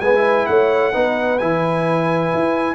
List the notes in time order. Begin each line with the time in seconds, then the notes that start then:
0.00 G#3 B3 B4 G#5
0.15 E4
0.46 A3 C#5 F#5
0.92 B3 D#4 B4
1.38 E3 E4 G#5
2.34 E4